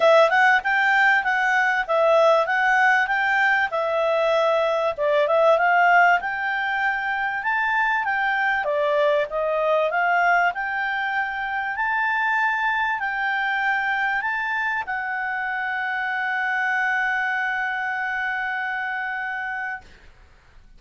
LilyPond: \new Staff \with { instrumentName = "clarinet" } { \time 4/4 \tempo 4 = 97 e''8 fis''8 g''4 fis''4 e''4 | fis''4 g''4 e''2 | d''8 e''8 f''4 g''2 | a''4 g''4 d''4 dis''4 |
f''4 g''2 a''4~ | a''4 g''2 a''4 | fis''1~ | fis''1 | }